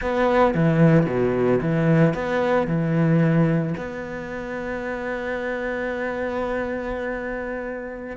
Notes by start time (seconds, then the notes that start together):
0.01 B3
0.54 E3
1.06 B2
1.61 E3
2.14 B3
2.67 E3
3.77 B3